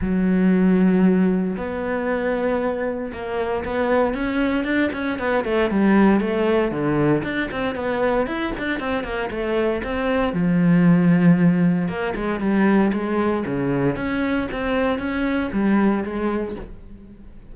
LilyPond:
\new Staff \with { instrumentName = "cello" } { \time 4/4 \tempo 4 = 116 fis2. b4~ | b2 ais4 b4 | cis'4 d'8 cis'8 b8 a8 g4 | a4 d4 d'8 c'8 b4 |
e'8 d'8 c'8 ais8 a4 c'4 | f2. ais8 gis8 | g4 gis4 cis4 cis'4 | c'4 cis'4 g4 gis4 | }